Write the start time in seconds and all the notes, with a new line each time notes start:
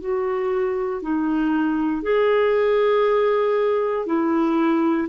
0.00 F#4
1.02 D#4
2.02 G#4
4.06 E4